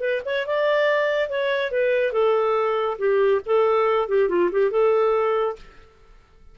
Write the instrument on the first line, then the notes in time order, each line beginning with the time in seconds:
clarinet
0.00 B4
0.25 C#5
0.46 D5
1.29 C#5
1.71 B4
2.12 A4
2.98 G4
3.45 A4
4.08 G4
4.28 F4
4.52 G4
4.71 A4